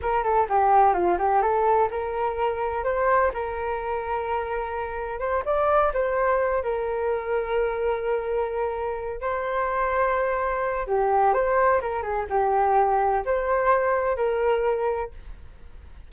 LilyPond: \new Staff \with { instrumentName = "flute" } { \time 4/4 \tempo 4 = 127 ais'8 a'8 g'4 f'8 g'8 a'4 | ais'2 c''4 ais'4~ | ais'2. c''8 d''8~ | d''8 c''4. ais'2~ |
ais'2.~ ais'8 c''8~ | c''2. g'4 | c''4 ais'8 gis'8 g'2 | c''2 ais'2 | }